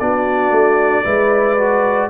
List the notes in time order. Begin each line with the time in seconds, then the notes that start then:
0.00 B3 D4 F#4 D5
0.51 A3
1.04 G#3 E4 B4
1.59 F#4